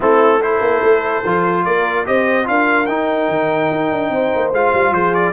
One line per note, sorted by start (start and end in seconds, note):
0.00 0.60 A3
0.00 0.40 C4
0.00 0.41 E4
0.00 0.42 A4
0.41 1.23 E4
0.41 1.65 A4
0.41 1.64 C5
0.60 0.80 A#3
0.83 1.24 A3
1.24 1.65 F3
1.24 2.05 F4
1.64 2.06 A#3
1.64 2.06 A#4
1.64 2.05 D5
2.05 2.48 C4
2.05 2.44 G4
2.05 2.48 C5
2.05 2.47 D#5
2.44 2.88 D4
2.44 2.85 F4
2.44 4.12 A#4
2.44 2.86 F5
2.86 3.28 D#4
2.86 4.53 D#4
2.86 4.50 G5
3.28 3.69 D#3
3.70 3.91 D#4
3.91 4.09 D4
4.09 4.30 C4
4.09 4.93 C5
4.35 4.51 A#3
4.51 4.72 G#3
4.51 5.33 F4
4.51 4.93 F5
4.73 4.91 G3
4.91 5.32 F3
4.91 5.33 G#4
4.91 5.14 C5
5.14 5.33 D5